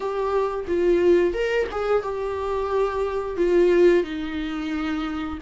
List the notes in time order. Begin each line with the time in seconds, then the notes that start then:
0.00 G4
0.67 F4
1.33 A#4
1.71 G#4
2.03 G4
3.36 F4
4.03 D#4